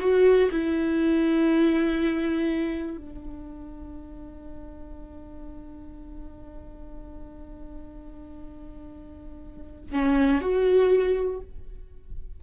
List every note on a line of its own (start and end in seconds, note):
0.00 0.50 F#4
0.51 2.97 E4
2.97 9.92 D4
9.92 10.41 C#4
10.41 11.40 F#4